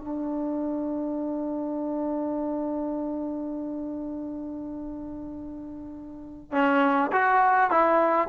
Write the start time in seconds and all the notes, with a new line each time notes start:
0.00 D4
6.52 C#4
7.13 F#4
7.71 E4